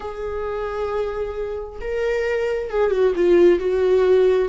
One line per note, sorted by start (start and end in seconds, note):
0.00 1.79 G#4
1.81 2.69 A#4
2.69 2.90 G#4
2.90 3.13 F#4
3.15 3.59 F4
3.59 4.48 F#4